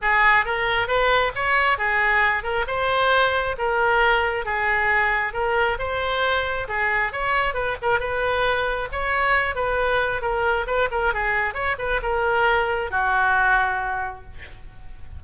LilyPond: \new Staff \with { instrumentName = "oboe" } { \time 4/4 \tempo 4 = 135 gis'4 ais'4 b'4 cis''4 | gis'4. ais'8 c''2 | ais'2 gis'2 | ais'4 c''2 gis'4 |
cis''4 b'8 ais'8 b'2 | cis''4. b'4. ais'4 | b'8 ais'8 gis'4 cis''8 b'8 ais'4~ | ais'4 fis'2. | }